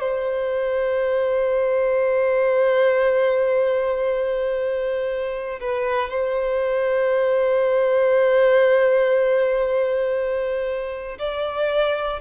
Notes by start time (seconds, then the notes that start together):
0.00 C5
5.60 B4
6.10 C5
11.18 D5